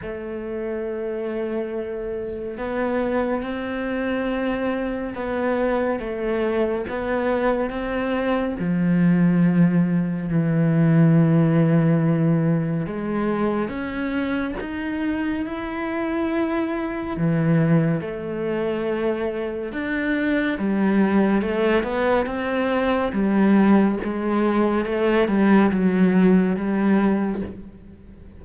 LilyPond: \new Staff \with { instrumentName = "cello" } { \time 4/4 \tempo 4 = 70 a2. b4 | c'2 b4 a4 | b4 c'4 f2 | e2. gis4 |
cis'4 dis'4 e'2 | e4 a2 d'4 | g4 a8 b8 c'4 g4 | gis4 a8 g8 fis4 g4 | }